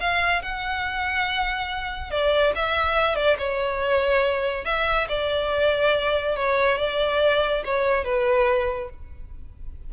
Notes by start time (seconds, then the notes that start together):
0.00 F5
0.42 F#5
2.10 D5
2.55 E5
3.15 D5
3.38 C#5
4.65 E5
5.08 D5
6.36 C#5
6.78 D5
7.64 C#5
8.04 B4